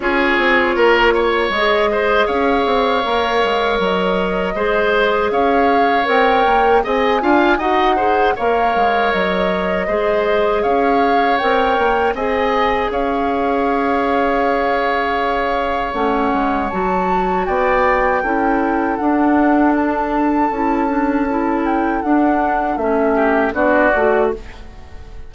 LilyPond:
<<
  \new Staff \with { instrumentName = "flute" } { \time 4/4 \tempo 4 = 79 cis''2 dis''4 f''4~ | f''4 dis''2 f''4 | g''4 gis''4 fis''4 f''4 | dis''2 f''4 g''4 |
gis''4 f''2.~ | f''4 fis''4 a''4 g''4~ | g''4 fis''4 a''2~ | a''8 g''8 fis''4 e''4 d''4 | }
  \new Staff \with { instrumentName = "oboe" } { \time 4/4 gis'4 ais'8 cis''4 c''8 cis''4~ | cis''2 c''4 cis''4~ | cis''4 dis''8 f''8 dis''8 c''8 cis''4~ | cis''4 c''4 cis''2 |
dis''4 cis''2.~ | cis''2. d''4 | a'1~ | a'2~ a'8 g'8 fis'4 | }
  \new Staff \with { instrumentName = "clarinet" } { \time 4/4 f'2 gis'2 | ais'2 gis'2 | ais'4 gis'8 f'8 fis'8 gis'8 ais'4~ | ais'4 gis'2 ais'4 |
gis'1~ | gis'4 cis'4 fis'2 | e'4 d'2 e'8 d'8 | e'4 d'4 cis'4 d'8 fis'8 | }
  \new Staff \with { instrumentName = "bassoon" } { \time 4/4 cis'8 c'8 ais4 gis4 cis'8 c'8 | ais8 gis8 fis4 gis4 cis'4 | c'8 ais8 c'8 d'8 dis'4 ais8 gis8 | fis4 gis4 cis'4 c'8 ais8 |
c'4 cis'2.~ | cis'4 a8 gis8 fis4 b4 | cis'4 d'2 cis'4~ | cis'4 d'4 a4 b8 a8 | }
>>